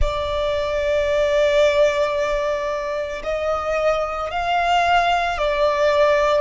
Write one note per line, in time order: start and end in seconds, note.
0.00 3.22 D5
3.23 4.31 D#5
4.31 5.38 F5
5.38 6.41 D5